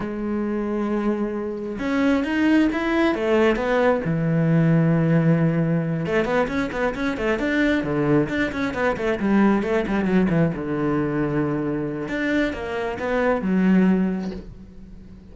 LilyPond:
\new Staff \with { instrumentName = "cello" } { \time 4/4 \tempo 4 = 134 gis1 | cis'4 dis'4 e'4 a4 | b4 e2.~ | e4. a8 b8 cis'8 b8 cis'8 |
a8 d'4 d4 d'8 cis'8 b8 | a8 g4 a8 g8 fis8 e8 d8~ | d2. d'4 | ais4 b4 fis2 | }